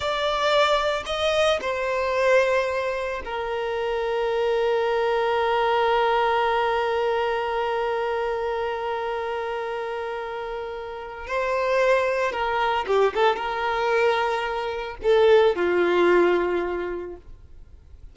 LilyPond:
\new Staff \with { instrumentName = "violin" } { \time 4/4 \tempo 4 = 112 d''2 dis''4 c''4~ | c''2 ais'2~ | ais'1~ | ais'1~ |
ais'1~ | ais'4 c''2 ais'4 | g'8 a'8 ais'2. | a'4 f'2. | }